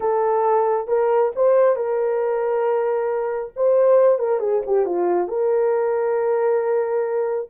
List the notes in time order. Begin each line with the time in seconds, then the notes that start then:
0.00 A4
0.87 A#4
1.35 C5
1.75 A#4
3.56 C5
4.18 A#4
4.39 G#4
4.66 G4
4.85 F4
5.28 A#4